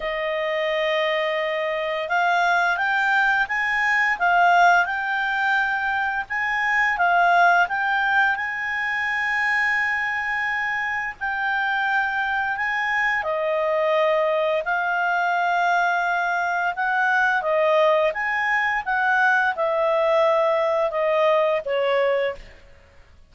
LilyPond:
\new Staff \with { instrumentName = "clarinet" } { \time 4/4 \tempo 4 = 86 dis''2. f''4 | g''4 gis''4 f''4 g''4~ | g''4 gis''4 f''4 g''4 | gis''1 |
g''2 gis''4 dis''4~ | dis''4 f''2. | fis''4 dis''4 gis''4 fis''4 | e''2 dis''4 cis''4 | }